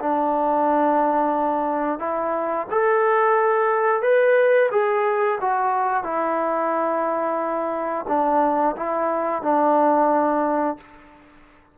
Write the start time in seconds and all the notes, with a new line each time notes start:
0.00 D4
1.99 E4
2.71 A4
4.02 B4
4.72 G#4
5.41 F#4
6.04 E4
8.08 D4
8.77 E4
9.43 D4